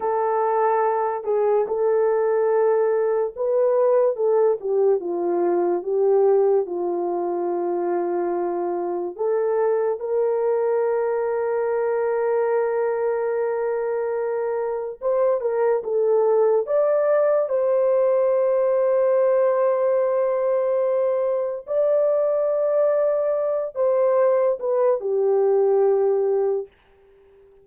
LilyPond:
\new Staff \with { instrumentName = "horn" } { \time 4/4 \tempo 4 = 72 a'4. gis'8 a'2 | b'4 a'8 g'8 f'4 g'4 | f'2. a'4 | ais'1~ |
ais'2 c''8 ais'8 a'4 | d''4 c''2.~ | c''2 d''2~ | d''8 c''4 b'8 g'2 | }